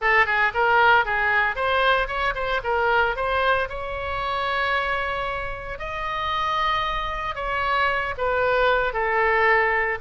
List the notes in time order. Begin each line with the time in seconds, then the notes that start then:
0.01 A4
0.26 G#4
0.54 A#4
1.05 G#4
1.55 C5
2.07 C#5
2.34 C5
2.63 A#4
3.16 C5
3.69 C#5
5.78 D#5
7.35 C#5
8.17 B4
8.93 A4